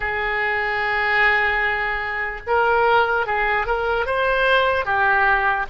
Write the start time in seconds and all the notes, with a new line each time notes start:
0.00 G#4
2.47 A#4
3.26 G#4
3.66 A#4
4.06 C5
4.85 G4